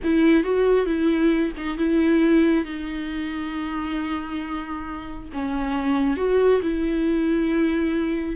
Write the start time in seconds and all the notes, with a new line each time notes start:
0.03 E4
0.43 F#4
0.85 E4
1.57 D#4
1.77 E4
2.64 D#4
5.33 C#4
6.16 F#4
6.62 E4